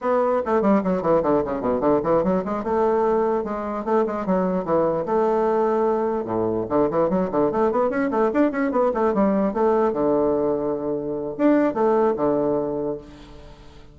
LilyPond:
\new Staff \with { instrumentName = "bassoon" } { \time 4/4 \tempo 4 = 148 b4 a8 g8 fis8 e8 d8 cis8 | b,8 d8 e8 fis8 gis8 a4.~ | a8 gis4 a8 gis8 fis4 e8~ | e8 a2. a,8~ |
a,8 d8 e8 fis8 d8 a8 b8 cis'8 | a8 d'8 cis'8 b8 a8 g4 a8~ | a8 d2.~ d8 | d'4 a4 d2 | }